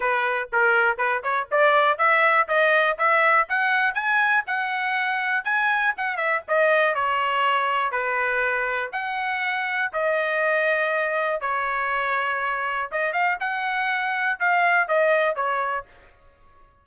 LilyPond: \new Staff \with { instrumentName = "trumpet" } { \time 4/4 \tempo 4 = 121 b'4 ais'4 b'8 cis''8 d''4 | e''4 dis''4 e''4 fis''4 | gis''4 fis''2 gis''4 | fis''8 e''8 dis''4 cis''2 |
b'2 fis''2 | dis''2. cis''4~ | cis''2 dis''8 f''8 fis''4~ | fis''4 f''4 dis''4 cis''4 | }